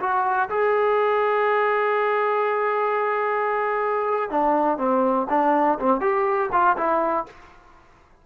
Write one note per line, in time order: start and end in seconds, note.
0.00 0.49 F#4
0.50 4.31 G#4
4.31 4.78 D4
4.78 5.27 C4
5.30 5.79 D4
5.80 6.01 C4
6.01 6.50 G4
6.52 6.77 F4
6.77 7.26 E4